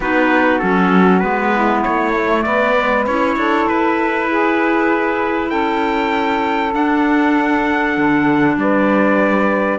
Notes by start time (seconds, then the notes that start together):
0.00 B3 D#4 F#4 B4
0.58 F#3 C#4 A4
1.19 G#3 B3 B4
1.52 E4
1.82 A3 C#5
2.14 A3
2.42 B3 B4 D5
2.77 G#3
3.06 C#4 E4 C#5
3.36 D4 A4
3.68 E4 B4
4.29 G#4
5.49 C#4 A4 G5
6.73 D4 F#5
7.97 D3
8.56 G3 B4 D5